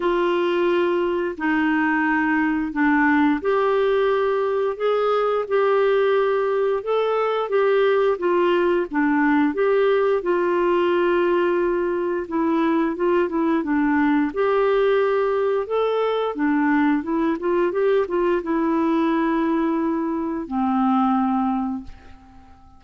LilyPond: \new Staff \with { instrumentName = "clarinet" } { \time 4/4 \tempo 4 = 88 f'2 dis'2 | d'4 g'2 gis'4 | g'2 a'4 g'4 | f'4 d'4 g'4 f'4~ |
f'2 e'4 f'8 e'8 | d'4 g'2 a'4 | d'4 e'8 f'8 g'8 f'8 e'4~ | e'2 c'2 | }